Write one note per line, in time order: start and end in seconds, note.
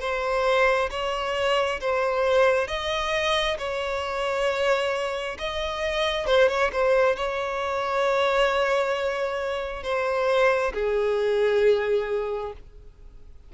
0.00 0.90 C5
0.90 1.80 C#5
1.80 2.67 C5
2.67 3.57 D#5
3.58 5.37 C#5
5.38 6.26 D#5
6.26 6.48 C5
6.48 6.70 C#5
6.72 7.16 C5
7.16 9.83 C#5
9.83 10.72 C5
10.73 12.53 G#4